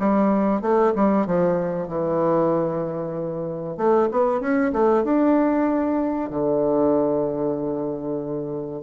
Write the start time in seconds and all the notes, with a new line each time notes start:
0.00 G3
0.62 A3
0.96 G3
1.27 F3
1.88 E3
3.78 A3
4.12 B3
4.41 C#4
4.73 A3
5.04 D4
6.30 D3